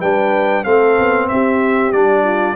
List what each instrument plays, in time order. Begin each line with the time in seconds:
0.00 tuba G3, trombone D4, horn B4, trumpet G5
0.64 tuba A3, trombone C4, horn A4, trumpet F5
0.99 tuba B3
1.28 tuba C4, horn G4, trumpet E5
1.92 tuba G3, trombone D4, trumpet D5
2.24 horn F4